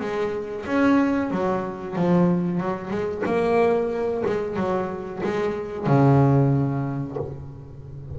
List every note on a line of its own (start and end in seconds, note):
0.00 0.65 G#3
0.66 1.31 C#4
1.31 1.96 F#3
1.96 2.60 F3
2.60 2.90 F#3
2.90 3.23 G#3
3.26 4.24 A#3
4.26 4.57 G#3
4.57 5.22 F#3
5.24 5.86 G#3
5.86 7.17 C#3